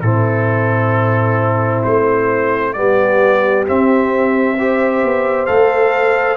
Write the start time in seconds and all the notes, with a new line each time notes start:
0.00 A2 C4 E4 A4
1.83 A3 C5
2.73 G3 B3 G4 D5
3.66 C4 E5
4.58 G4 C5
5.03 B3
5.46 A3 A4 F5